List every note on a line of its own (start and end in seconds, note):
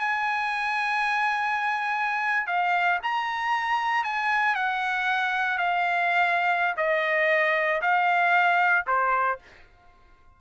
0.00 2.47 G#5
2.47 3.00 F5
3.03 4.05 A#5
4.05 4.56 G#5
4.56 5.58 F#5
5.58 6.76 F5
6.77 7.82 D#5
7.82 8.86 F5
8.87 9.39 C5